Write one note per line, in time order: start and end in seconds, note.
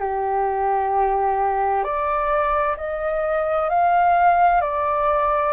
0.00 1.84 G4
1.84 2.77 D5
2.77 3.70 D#5
3.70 4.62 F5
4.62 5.53 D5